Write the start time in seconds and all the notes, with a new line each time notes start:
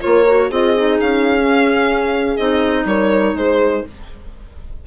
0.00 A#3 F4 A#4 C#5
0.27 F#4
0.50 C4 F4 G#4 D#5
0.77 D#4
1.01 C#4 F5
1.41 C#4
2.37 C4 D#4 D#5
2.85 G3 A#4 C#5
3.34 G#3 G#4 C5